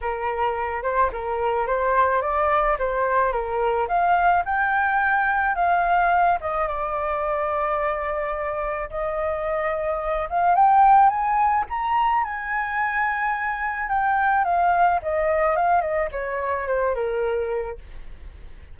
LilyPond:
\new Staff \with { instrumentName = "flute" } { \time 4/4 \tempo 4 = 108 ais'4. c''8 ais'4 c''4 | d''4 c''4 ais'4 f''4 | g''2 f''4. dis''8 | d''1 |
dis''2~ dis''8 f''8 g''4 | gis''4 ais''4 gis''2~ | gis''4 g''4 f''4 dis''4 | f''8 dis''8 cis''4 c''8 ais'4. | }